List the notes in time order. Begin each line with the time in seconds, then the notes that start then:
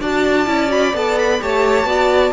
0.00 D4 F#4 D5 A5
0.46 C#4 E4
0.68 F#4 B5
0.94 B3 A4 A5
1.19 B5
1.40 A3 G4 C#5 A5
1.84 B3 F#4 D5